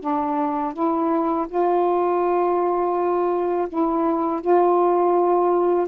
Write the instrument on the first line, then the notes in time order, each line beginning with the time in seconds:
saxophone
0.00 D4
0.73 E4
1.48 F4
3.68 E4
4.41 F4